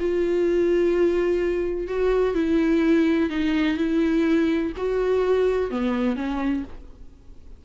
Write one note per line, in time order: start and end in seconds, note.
0.00 1.88 F4
1.88 2.35 F#4
2.35 3.30 E4
3.30 3.78 D#4
3.78 4.73 E4
4.77 5.71 F#4
5.71 6.16 B3
6.16 6.64 C#4